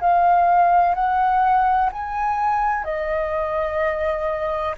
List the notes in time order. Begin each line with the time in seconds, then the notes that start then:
0.00 F5
0.95 F#5
1.92 G#5
2.84 D#5